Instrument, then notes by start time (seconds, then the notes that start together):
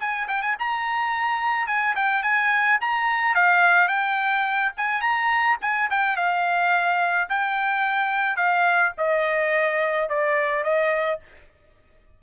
trumpet
0.00 G#5
0.29 G5
0.42 G#5
0.60 A#5
1.67 G#5
1.96 G5
2.23 G#5
2.81 A#5
3.35 F5
3.88 G5
4.77 G#5
5.02 A#5
5.62 G#5
5.91 G5
6.17 F5
7.30 G5
8.37 F5
8.98 D#5
10.10 D5
10.64 D#5